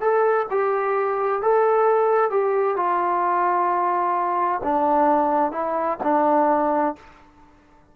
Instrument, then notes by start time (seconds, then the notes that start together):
trombone
0.00 A4
0.50 G4
1.42 A4
2.30 G4
2.76 F4
4.63 D4
5.52 E4
6.03 D4